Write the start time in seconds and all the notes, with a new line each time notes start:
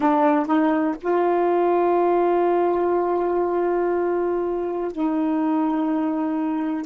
0.00 D4
0.46 D#4
1.01 F4
4.92 D#4